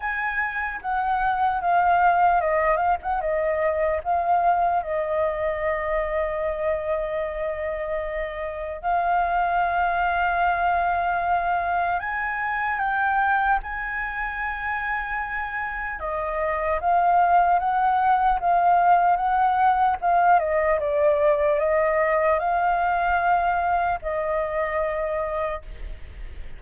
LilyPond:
\new Staff \with { instrumentName = "flute" } { \time 4/4 \tempo 4 = 75 gis''4 fis''4 f''4 dis''8 f''16 fis''16 | dis''4 f''4 dis''2~ | dis''2. f''4~ | f''2. gis''4 |
g''4 gis''2. | dis''4 f''4 fis''4 f''4 | fis''4 f''8 dis''8 d''4 dis''4 | f''2 dis''2 | }